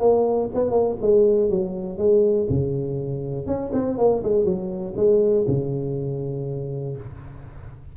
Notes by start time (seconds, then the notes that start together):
0.00 A#3
0.54 B3
0.71 A#3
1.01 G#3
1.50 F#3
1.98 G#3
2.50 C#3
3.47 C#4
3.73 C4
3.98 A#3
4.24 G#3
4.44 F#3
4.96 G#3
5.48 C#3